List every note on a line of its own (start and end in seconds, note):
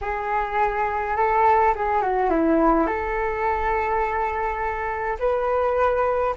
0.01 1.16 G#4
1.16 1.74 A4
1.75 2.01 G#4
2.01 2.30 F#4
2.30 2.87 E4
2.87 5.17 A4
5.19 6.34 B4